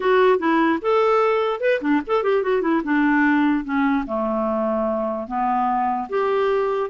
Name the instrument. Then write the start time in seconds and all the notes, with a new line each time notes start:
clarinet
0.00 F#4
0.38 E4
0.81 A4
1.60 B4
1.81 D4
2.06 A4
2.23 G4
2.42 F#4
2.61 E4
2.83 D4
3.64 C#4
4.06 A3
5.27 B3
6.09 G4